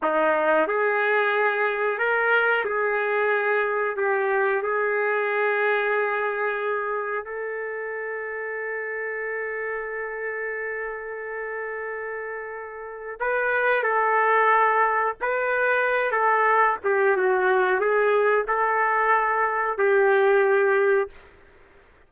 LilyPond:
\new Staff \with { instrumentName = "trumpet" } { \time 4/4 \tempo 4 = 91 dis'4 gis'2 ais'4 | gis'2 g'4 gis'4~ | gis'2. a'4~ | a'1~ |
a'1 | b'4 a'2 b'4~ | b'8 a'4 g'8 fis'4 gis'4 | a'2 g'2 | }